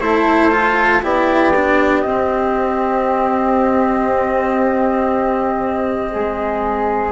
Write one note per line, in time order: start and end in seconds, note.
0.00 1.02 A3
0.00 0.51 E4
0.00 1.02 A4
0.00 1.02 C5
0.51 1.02 F4
1.02 2.04 B3
1.02 1.53 E4
1.02 6.11 G4
1.02 2.02 D5
1.56 2.06 D4
2.02 6.11 C4
2.02 7.12 C4
2.02 7.11 D#5
6.12 7.12 G#3
6.12 7.12 G#4